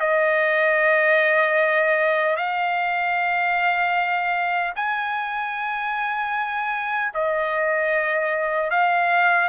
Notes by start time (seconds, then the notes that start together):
0.00 D#5
2.36 F5
4.76 G#5
7.14 D#5
8.71 F5